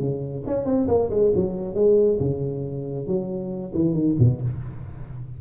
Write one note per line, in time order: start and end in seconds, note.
0.00 0.44 C#3
0.47 0.66 C#4
0.66 0.88 C4
0.88 1.10 A#3
1.10 1.32 G#3
1.35 1.75 F#3
1.75 2.18 G#3
2.20 3.07 C#3
3.07 3.73 F#3
3.74 3.94 E3
3.94 4.16 D#3
4.19 4.41 B2